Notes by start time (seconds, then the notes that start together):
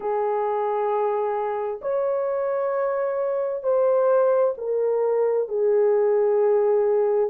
0.00 G#4
1.81 C#5
3.63 C5
4.57 A#4
5.48 G#4